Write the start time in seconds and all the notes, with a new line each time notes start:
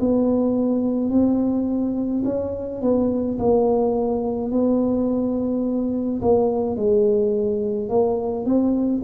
0.00 B3
1.10 C4
2.25 C#4
2.81 B3
3.39 A#3
4.51 B3
6.22 A#3
6.76 G#3
7.89 A#3
8.45 C4